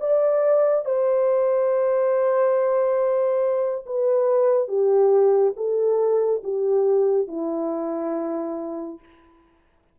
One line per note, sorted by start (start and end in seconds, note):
0.00 0.85 D5
0.85 3.85 C5
3.86 4.68 B4
4.68 5.54 G4
5.56 6.42 A4
6.44 7.28 G4
7.28 8.99 E4